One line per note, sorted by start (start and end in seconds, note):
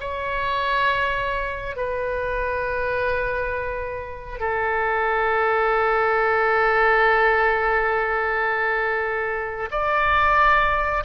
0.00 1.76 C#5
1.76 4.40 B4
4.40 9.69 A4
9.71 11.03 D5